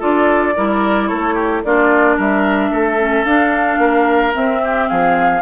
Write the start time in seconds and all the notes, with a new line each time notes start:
0.00 D4 F4 A4 D5
0.57 G3 E4 A#4
1.08 A3 A4 C#5
1.35 G4
1.65 A#3 D4 F4 D5
2.17 G3 A#4 E5
2.71 A3 A4
2.99 C#4
3.24 D4 F5
3.79 A#3 A#4
4.34 C4 E5
4.64 G4
4.89 F3 G#4 F5